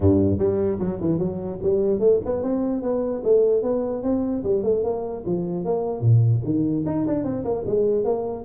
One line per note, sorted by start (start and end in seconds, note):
0.00 0.38 G2
0.38 0.78 G3
0.79 0.99 F#3
1.00 1.18 E3
1.18 1.59 F#3
1.62 1.99 G3
1.99 2.19 A3
2.25 2.43 B3
2.43 2.82 C4
2.82 3.22 B3
3.24 3.62 A3
3.62 4.02 B3
4.02 4.43 C4
4.43 4.63 G3
4.63 4.83 A3
4.83 5.23 A#3
5.26 5.64 F3
5.64 6.01 A#3
6.01 6.41 A#2
6.44 6.84 D#3
6.86 7.06 D#4
7.07 7.24 D4
7.24 7.44 C4
7.44 7.64 A#3
7.66 8.04 G#3
8.04 8.44 A#3